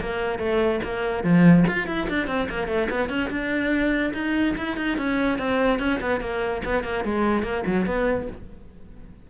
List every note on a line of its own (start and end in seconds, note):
0.00 0.38 A#3
0.38 0.80 A3
0.83 1.23 A#3
1.23 1.64 F3
1.67 1.87 F4
1.87 2.07 E4
2.09 2.27 D4
2.27 2.48 C4
2.49 2.67 A#3
2.67 2.88 A3
2.90 3.09 B3
3.09 3.29 C#4
3.30 4.12 D4
4.13 4.55 D#4
4.57 4.77 E4
4.77 4.97 D#4
4.97 5.38 C#4
5.38 5.79 C4
5.79 6.00 C#4
6.01 6.20 B3
6.20 6.62 A#3
6.65 6.83 B3
6.83 7.04 A#3
7.04 7.42 G#3
7.42 7.63 A#3
7.66 7.86 F#3
7.86 8.27 B3